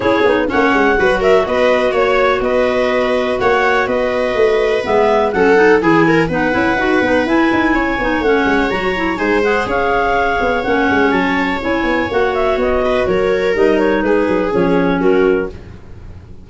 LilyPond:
<<
  \new Staff \with { instrumentName = "clarinet" } { \time 4/4 \tempo 4 = 124 cis''4 fis''4. e''8 dis''4 | cis''4 dis''2 fis''4 | dis''2 e''4 fis''4 | gis''4 fis''2 gis''4~ |
gis''4 fis''4 ais''4 gis''8 fis''8 | f''2 fis''4 a''4 | gis''4 fis''8 e''8 dis''4 cis''4 | dis''8 cis''8 b'4 cis''4 ais'4 | }
  \new Staff \with { instrumentName = "viola" } { \time 4/4 gis'4 cis''4 b'8 ais'8 b'4 | cis''4 b'2 cis''4 | b'2. a'4 | gis'8 ais'8 b'2. |
cis''2. c''4 | cis''1~ | cis''2~ cis''8 b'8 ais'4~ | ais'4 gis'2 fis'4 | }
  \new Staff \with { instrumentName = "clarinet" } { \time 4/4 e'8 dis'8 cis'4 fis'2~ | fis'1~ | fis'2 b4 cis'8 dis'8 | e'4 dis'8 e'8 fis'8 dis'8 e'4~ |
e'8 dis'8 cis'4 fis'8 e'8 dis'8 gis'8~ | gis'2 cis'2 | e'4 fis'2. | dis'2 cis'2 | }
  \new Staff \with { instrumentName = "tuba" } { \time 4/4 cis'8 b8 ais8 gis8 fis4 b4 | ais4 b2 ais4 | b4 a4 gis4 fis4 | e4 b8 cis'8 dis'8 b8 e'8 dis'8 |
cis'8 b8 a8 gis8 fis4 gis4 | cis'4. b8 ais8 gis8 fis4 | cis'8 b8 ais4 b4 fis4 | g4 gis8 fis8 f4 fis4 | }
>>